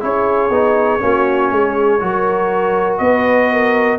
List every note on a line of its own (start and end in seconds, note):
0.00 0.50 C#4
0.00 0.50 E4
0.00 1.02 G#4
0.00 2.98 C#5
0.50 1.00 B3
0.50 1.00 D#4
1.00 1.51 A#3
1.00 2.00 C#4
1.00 1.52 F#4
1.51 2.01 G#3
1.51 2.02 G#4
2.00 3.00 F#3
2.00 3.99 F#4
2.00 3.02 A#4
2.98 3.99 B3
2.98 3.52 B4
2.98 3.98 D#5
3.52 3.99 A#4